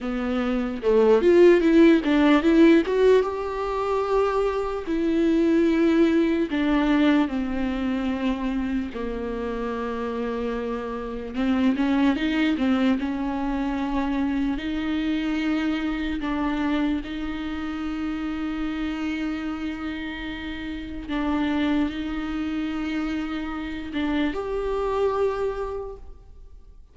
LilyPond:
\new Staff \with { instrumentName = "viola" } { \time 4/4 \tempo 4 = 74 b4 a8 f'8 e'8 d'8 e'8 fis'8 | g'2 e'2 | d'4 c'2 ais4~ | ais2 c'8 cis'8 dis'8 c'8 |
cis'2 dis'2 | d'4 dis'2.~ | dis'2 d'4 dis'4~ | dis'4. d'8 g'2 | }